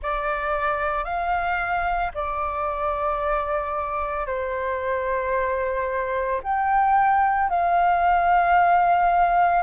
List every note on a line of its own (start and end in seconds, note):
0.02 1.04 D5
1.04 2.11 F5
2.14 4.26 D5
4.26 6.40 C5
6.43 7.49 G5
7.49 9.62 F5